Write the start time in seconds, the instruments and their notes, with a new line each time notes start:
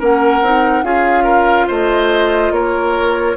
0.00 bassoon A#3, clarinet C#4, oboe A#4, flute F#5
0.42 bassoon C4, clarinet D#4
0.83 bassoon C#4, clarinet F4, oboe G#4, flute F5
1.24 oboe A#4
1.68 bassoon A3, oboe C5, flute D#5
2.51 bassoon A#3, oboe A#4, flute C#5